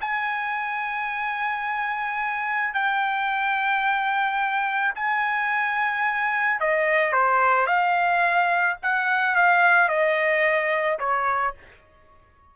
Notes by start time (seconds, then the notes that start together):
0.00 G#5
2.73 G5
4.95 G#5
6.60 D#5
7.12 C5
7.66 F5
8.82 F#5
9.35 F5
9.88 D#5
10.99 C#5